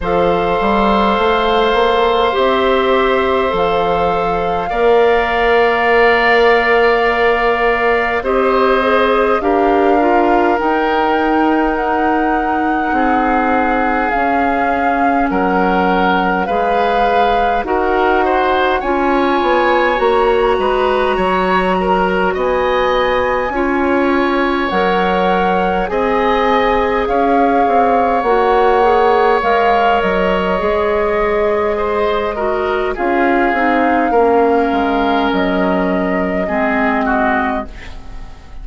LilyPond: <<
  \new Staff \with { instrumentName = "flute" } { \time 4/4 \tempo 4 = 51 f''2 e''4 f''4~ | f''2. dis''4 | f''4 g''4 fis''2 | f''4 fis''4 f''4 fis''4 |
gis''4 ais''2 gis''4~ | gis''4 fis''4 gis''4 f''4 | fis''4 f''8 dis''2~ dis''8 | f''2 dis''2 | }
  \new Staff \with { instrumentName = "oboe" } { \time 4/4 c''1 | d''2. c''4 | ais'2. gis'4~ | gis'4 ais'4 b'4 ais'8 c''8 |
cis''4. b'8 cis''8 ais'8 dis''4 | cis''2 dis''4 cis''4~ | cis''2. c''8 ais'8 | gis'4 ais'2 gis'8 fis'8 | }
  \new Staff \with { instrumentName = "clarinet" } { \time 4/4 a'2 g'4 a'4 | ais'2. g'8 gis'8 | g'8 f'8 dis'2. | cis'2 gis'4 fis'4 |
f'4 fis'2. | f'4 ais'4 gis'2 | fis'8 gis'8 ais'4 gis'4. fis'8 | f'8 dis'8 cis'2 c'4 | }
  \new Staff \with { instrumentName = "bassoon" } { \time 4/4 f8 g8 a8 ais8 c'4 f4 | ais2. c'4 | d'4 dis'2 c'4 | cis'4 fis4 gis4 dis'4 |
cis'8 b8 ais8 gis8 fis4 b4 | cis'4 fis4 c'4 cis'8 c'8 | ais4 gis8 fis8 gis2 | cis'8 c'8 ais8 gis8 fis4 gis4 | }
>>